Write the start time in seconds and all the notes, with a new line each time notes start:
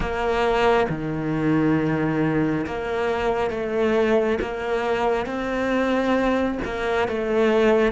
0.00 A#3
0.89 D#3
2.66 A#3
3.50 A3
4.41 A#3
5.25 C4
6.64 A#3
7.08 A3